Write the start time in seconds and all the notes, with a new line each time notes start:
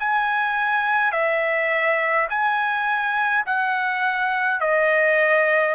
0.00 G#5
1.12 E5
2.30 G#5
3.46 F#5
4.60 D#5